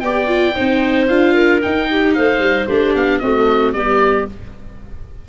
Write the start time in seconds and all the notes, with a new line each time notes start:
0.00 B3 G4 D5 G5
0.27 F4
0.56 C4 D#4 C5
1.08 D4 F4 F5
1.34 A#4
1.62 D#4 G5
1.90 G4
2.14 A3 C5 F5
2.39 G3
2.66 A3 D4 G4 C5
2.94 B3 F5
3.19 A3 C4 F#4 D#5
3.73 G3 B3 G4 D5